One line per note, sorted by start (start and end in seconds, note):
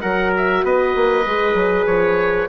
0.00 0.63 F#3
0.00 1.26 F#4
0.00 0.63 A#4
0.00 0.31 F#5
0.36 0.65 E5
0.63 0.94 B3
0.63 2.49 B4
0.63 1.86 D#5
0.95 1.26 A#3
1.26 1.53 G#3
1.26 2.49 G#4
1.53 1.84 F#3
1.86 2.47 F3
1.86 2.48 C#5